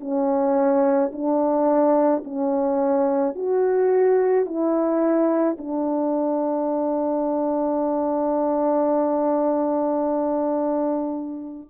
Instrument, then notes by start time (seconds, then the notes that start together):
horn
0.00 C#4
1.13 D4
2.24 C#4
3.35 F#4
4.45 E4
5.58 D4